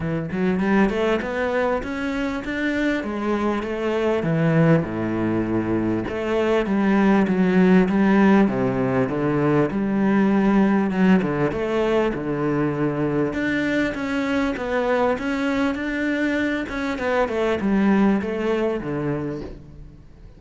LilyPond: \new Staff \with { instrumentName = "cello" } { \time 4/4 \tempo 4 = 99 e8 fis8 g8 a8 b4 cis'4 | d'4 gis4 a4 e4 | a,2 a4 g4 | fis4 g4 c4 d4 |
g2 fis8 d8 a4 | d2 d'4 cis'4 | b4 cis'4 d'4. cis'8 | b8 a8 g4 a4 d4 | }